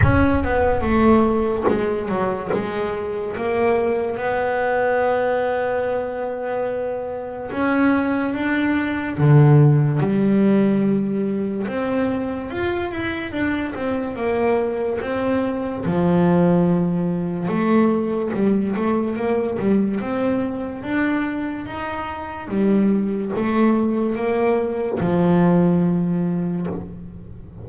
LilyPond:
\new Staff \with { instrumentName = "double bass" } { \time 4/4 \tempo 4 = 72 cis'8 b8 a4 gis8 fis8 gis4 | ais4 b2.~ | b4 cis'4 d'4 d4 | g2 c'4 f'8 e'8 |
d'8 c'8 ais4 c'4 f4~ | f4 a4 g8 a8 ais8 g8 | c'4 d'4 dis'4 g4 | a4 ais4 f2 | }